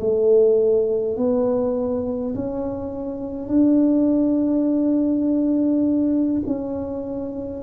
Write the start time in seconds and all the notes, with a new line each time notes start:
0.00 A3
1.17 B3
2.35 C#4
3.48 D4
6.47 C#4